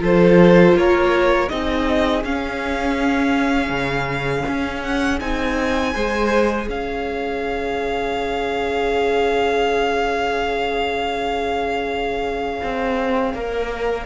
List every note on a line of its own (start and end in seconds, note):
0.00 0.74 F3
0.00 1.48 F4
0.00 0.75 A4
0.00 0.78 C5
0.75 1.49 A#3
0.75 1.52 A#4
0.75 1.49 C#5
1.49 2.24 C4
1.49 2.24 D#4
1.49 5.94 G#4
1.49 2.23 D#5
2.24 3.70 C#4
2.24 5.20 C#4
2.24 4.83 F5
3.70 4.44 C#3
4.48 5.21 C#4
4.83 5.20 F#5
5.20 5.95 C4
5.20 5.94 D#4
5.20 6.69 G#5
5.94 6.69 G#3
5.94 13.35 G#4
5.94 6.67 C5
6.67 12.61 C#4
6.67 14.06 C#5
6.67 14.06 F5
12.63 13.34 C4
13.34 14.06 A#3
13.34 14.06 A#4